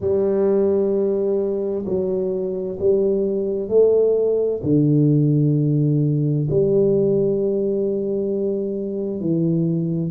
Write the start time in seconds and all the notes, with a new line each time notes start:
0.00 G3
1.85 F#3
2.79 G3
3.68 A3
4.63 D3
6.50 G3
9.20 E3